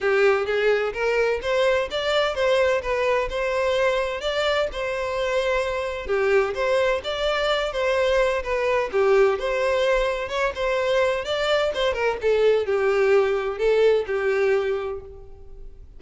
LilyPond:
\new Staff \with { instrumentName = "violin" } { \time 4/4 \tempo 4 = 128 g'4 gis'4 ais'4 c''4 | d''4 c''4 b'4 c''4~ | c''4 d''4 c''2~ | c''4 g'4 c''4 d''4~ |
d''8 c''4. b'4 g'4 | c''2 cis''8 c''4. | d''4 c''8 ais'8 a'4 g'4~ | g'4 a'4 g'2 | }